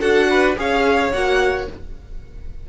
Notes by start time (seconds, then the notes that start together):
0.00 D4 F#4 A4 F#5
0.30 B4
0.56 C#4 G#4 C#5 F5
1.12 A#3 F#4 F#5